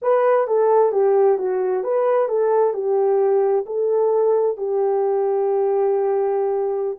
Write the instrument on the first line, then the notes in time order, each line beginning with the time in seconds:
horn
0.02 B4
0.47 A4
0.92 G4
1.37 F#4
1.83 B4
2.28 A4
2.73 G4
3.66 A4
4.57 G4